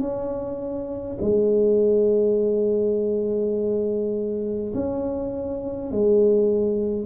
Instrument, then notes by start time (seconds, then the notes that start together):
tuba
0.00 C#4
1.20 G#3
4.74 C#4
5.91 G#3